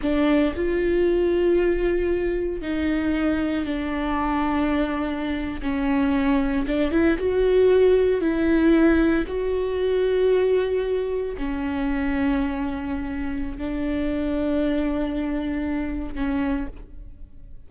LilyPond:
\new Staff \with { instrumentName = "viola" } { \time 4/4 \tempo 4 = 115 d'4 f'2.~ | f'4 dis'2 d'4~ | d'2~ d'8. cis'4~ cis'16~ | cis'8. d'8 e'8 fis'2 e'16~ |
e'4.~ e'16 fis'2~ fis'16~ | fis'4.~ fis'16 cis'2~ cis'16~ | cis'2 d'2~ | d'2. cis'4 | }